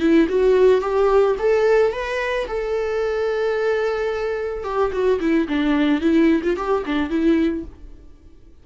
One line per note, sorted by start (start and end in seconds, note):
0.00 0.27 E4
0.29 0.81 F#4
0.81 1.36 G4
1.39 1.92 A4
1.92 2.47 B4
2.47 4.64 A4
4.64 4.91 G4
4.92 5.19 F#4
5.20 5.47 E4
5.48 6.01 D4
6.01 6.42 E4
6.43 6.57 F4
6.57 6.84 G4
6.86 7.10 D4
7.10 7.64 E4